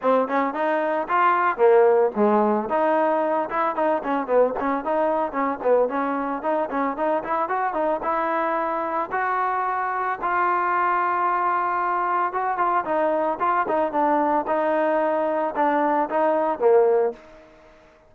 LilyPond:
\new Staff \with { instrumentName = "trombone" } { \time 4/4 \tempo 4 = 112 c'8 cis'8 dis'4 f'4 ais4 | gis4 dis'4. e'8 dis'8 cis'8 | b8 cis'8 dis'4 cis'8 b8 cis'4 | dis'8 cis'8 dis'8 e'8 fis'8 dis'8 e'4~ |
e'4 fis'2 f'4~ | f'2. fis'8 f'8 | dis'4 f'8 dis'8 d'4 dis'4~ | dis'4 d'4 dis'4 ais4 | }